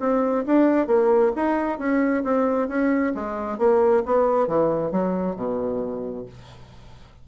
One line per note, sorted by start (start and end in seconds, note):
0.00 0.45 C4
0.46 0.87 D4
0.87 1.32 A#3
1.36 1.78 D#4
1.78 2.23 C#4
2.24 2.68 C4
2.68 3.13 C#4
3.15 3.58 G#3
3.58 4.03 A#3
4.06 4.48 B3
4.48 4.91 E3
4.91 5.36 F#3
5.36 6.25 B2